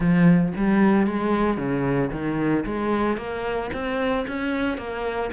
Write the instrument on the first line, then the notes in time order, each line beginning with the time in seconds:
cello
0.00 F3
0.56 G3
1.06 G#3
1.57 C#3
2.11 D#3
2.65 G#3
3.17 A#3
3.73 C4
4.27 C#4
4.77 A#3